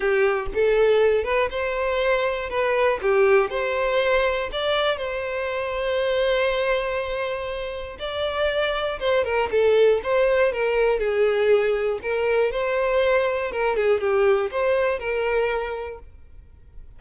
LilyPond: \new Staff \with { instrumentName = "violin" } { \time 4/4 \tempo 4 = 120 g'4 a'4. b'8 c''4~ | c''4 b'4 g'4 c''4~ | c''4 d''4 c''2~ | c''1 |
d''2 c''8 ais'8 a'4 | c''4 ais'4 gis'2 | ais'4 c''2 ais'8 gis'8 | g'4 c''4 ais'2 | }